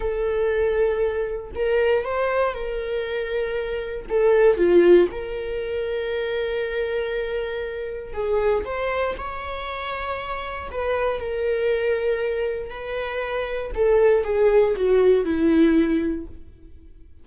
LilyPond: \new Staff \with { instrumentName = "viola" } { \time 4/4 \tempo 4 = 118 a'2. ais'4 | c''4 ais'2. | a'4 f'4 ais'2~ | ais'1 |
gis'4 c''4 cis''2~ | cis''4 b'4 ais'2~ | ais'4 b'2 a'4 | gis'4 fis'4 e'2 | }